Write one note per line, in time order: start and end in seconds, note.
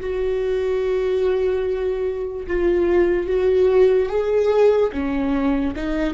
0.00 2.47 F#4
2.47 3.27 F4
3.27 4.09 F#4
4.09 4.91 G#4
4.92 5.74 C#4
5.76 6.14 D#4